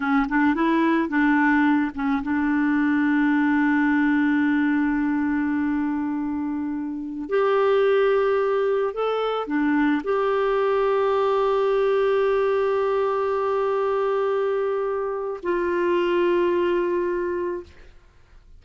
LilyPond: \new Staff \with { instrumentName = "clarinet" } { \time 4/4 \tempo 4 = 109 cis'8 d'8 e'4 d'4. cis'8 | d'1~ | d'1~ | d'4~ d'16 g'2~ g'8.~ |
g'16 a'4 d'4 g'4.~ g'16~ | g'1~ | g'1 | f'1 | }